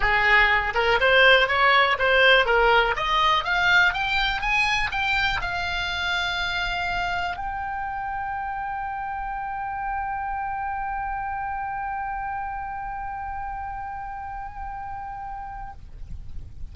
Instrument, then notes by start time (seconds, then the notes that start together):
oboe
0.00 G#4
0.74 A#4
1.00 C5
1.48 C#5
1.98 C5
2.45 A#4
2.96 D#5
3.44 F5
3.93 G5
4.41 G#5
4.91 G5
5.41 F5
7.36 G5